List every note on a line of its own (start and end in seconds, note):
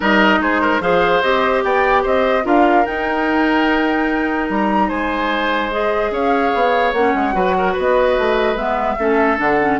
0.00 0.40 G3
0.00 0.81 D#4
0.00 0.39 A#4
0.00 0.42 D#5
0.40 0.80 G#3
0.40 0.61 G#4
0.40 0.81 C5
0.61 0.81 A#4
0.80 1.21 F3
0.80 1.21 G#4
0.80 1.64 C5
0.80 1.22 F5
1.22 1.64 C4
1.22 2.43 G4
1.22 1.63 D#5
1.63 2.05 B3
1.63 2.02 D5
1.63 2.04 G5
2.02 2.45 C4
2.02 2.43 C5
2.02 2.46 D#5
2.43 2.85 D4
2.43 2.84 F4
2.43 4.88 A#4
2.43 2.86 F5
2.85 5.71 D#4
2.85 4.49 D#4
2.85 4.49 G5
4.49 4.90 G3
4.49 4.89 A#5
4.88 6.11 G#3
4.88 6.10 C5
4.88 5.71 G#5
5.71 6.94 G#4
5.71 6.13 D#5
6.11 6.51 C#4
6.11 7.34 C#5
6.11 6.92 F5
6.54 6.92 B3
6.92 7.13 A#3
6.92 7.33 C#4
6.92 7.74 F#5
7.14 7.34 G#3
7.33 7.75 F#3
7.33 8.55 F#4
7.33 7.55 B4
7.57 7.72 A#4
7.72 8.18 B3
7.72 8.95 B4
7.80 8.56 D#5
8.18 8.55 A3
8.55 8.96 G#3
8.55 8.97 B3
8.55 9.38 E5
8.98 9.39 A3
8.98 9.37 C#4
8.98 9.79 A4
9.37 9.79 D3
9.37 9.57 D4
9.37 9.79 F#5
9.61 9.79 C#4